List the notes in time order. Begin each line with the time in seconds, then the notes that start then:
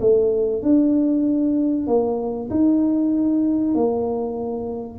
0.00 A3
0.62 D4
1.87 A#3
2.50 D#4
3.74 A#3